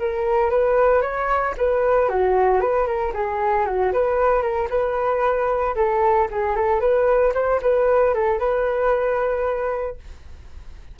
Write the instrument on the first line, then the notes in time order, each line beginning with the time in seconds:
flute
0.00 A#4
0.51 B4
1.02 C#5
1.58 B4
2.09 F#4
2.61 B4
2.87 A#4
3.14 G#4
3.66 F#4
3.93 B4
4.43 A#4
4.70 B4
5.76 A4
6.31 G#4
6.56 A4
6.81 B4
7.35 C5
7.62 B4
8.15 A4
8.39 B4